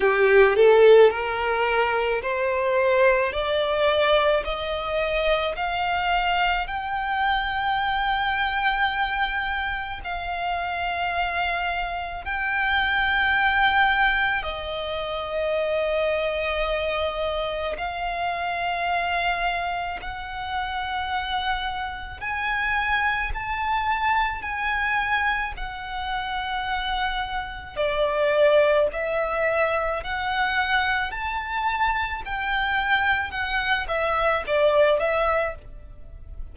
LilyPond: \new Staff \with { instrumentName = "violin" } { \time 4/4 \tempo 4 = 54 g'8 a'8 ais'4 c''4 d''4 | dis''4 f''4 g''2~ | g''4 f''2 g''4~ | g''4 dis''2. |
f''2 fis''2 | gis''4 a''4 gis''4 fis''4~ | fis''4 d''4 e''4 fis''4 | a''4 g''4 fis''8 e''8 d''8 e''8 | }